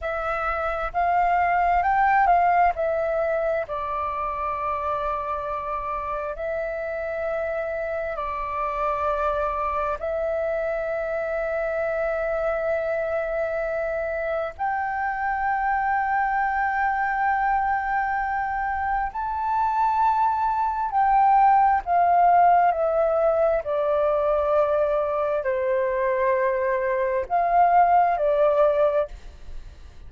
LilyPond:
\new Staff \with { instrumentName = "flute" } { \time 4/4 \tempo 4 = 66 e''4 f''4 g''8 f''8 e''4 | d''2. e''4~ | e''4 d''2 e''4~ | e''1 |
g''1~ | g''4 a''2 g''4 | f''4 e''4 d''2 | c''2 f''4 d''4 | }